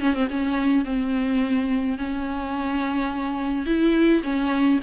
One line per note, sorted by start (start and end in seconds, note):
0.00 0.14 C#4
0.14 0.28 C4
0.30 0.85 C#4
0.85 1.98 C4
1.98 3.66 C#4
3.66 4.22 E4
4.23 4.80 C#4